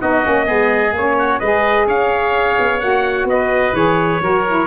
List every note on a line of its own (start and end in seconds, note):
0.00 0.25 B3
0.00 0.24 D#4
0.00 0.46 F#4
0.00 0.95 D#5
0.24 0.49 A#3
0.24 0.45 C#4
0.45 0.92 G#3
0.45 0.92 B3
0.45 1.16 G#4
0.92 1.39 A#3
0.92 1.42 C#4
0.92 1.39 C#5
1.18 1.39 F#4
1.39 1.86 G#3
1.39 2.80 G#4
1.39 1.86 B4
1.39 1.86 D#5
1.86 2.57 C#4
1.86 3.27 C#5
1.86 2.79 F5
2.59 2.81 B3
2.79 3.24 A#3
2.79 3.73 F#4
2.79 3.26 F#5
3.24 3.71 B3
3.24 4.22 B4
3.24 3.75 D#5
3.72 4.19 E3
3.72 4.20 G#4
3.72 4.67 C#5
4.21 4.67 F#3
4.21 4.45 F#4
4.21 4.67 A#4
4.47 4.67 E4